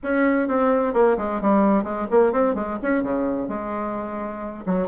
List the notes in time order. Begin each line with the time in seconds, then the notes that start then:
0.03 C#4
0.48 C4
0.93 A#3
1.17 G#3
1.41 G3
1.83 G#3
2.10 A#3
2.32 C4
2.55 G#3
2.82 C#4
3.03 C#3
3.48 G#3
4.66 F#3